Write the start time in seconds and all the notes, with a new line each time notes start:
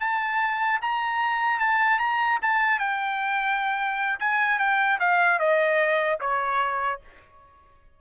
0.00 A5
0.82 A#5
1.60 A5
1.99 A#5
2.42 A5
2.79 G5
4.20 G#5
4.59 G5
5.00 F5
5.39 D#5
6.21 C#5